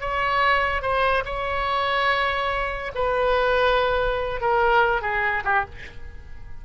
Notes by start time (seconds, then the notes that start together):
0.00 C#5
0.82 C5
1.25 C#5
2.95 B4
4.41 A#4
5.01 G#4
5.44 G4